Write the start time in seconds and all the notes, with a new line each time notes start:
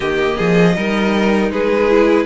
0.00 D#3 A#3 G4 D#5
0.36 F3 G#4
0.75 G3 D#4 A#4
1.50 G#3 G#4 B4
1.89 E4